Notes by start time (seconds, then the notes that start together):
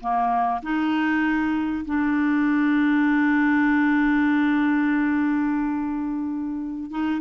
0.00 A#3
0.63 D#4
1.85 D4
6.90 D#4